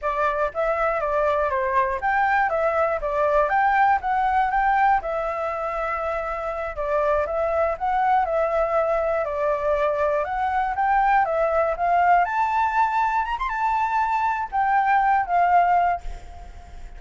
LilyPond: \new Staff \with { instrumentName = "flute" } { \time 4/4 \tempo 4 = 120 d''4 e''4 d''4 c''4 | g''4 e''4 d''4 g''4 | fis''4 g''4 e''2~ | e''4. d''4 e''4 fis''8~ |
fis''8 e''2 d''4.~ | d''8 fis''4 g''4 e''4 f''8~ | f''8 a''2 ais''16 c'''16 a''4~ | a''4 g''4. f''4. | }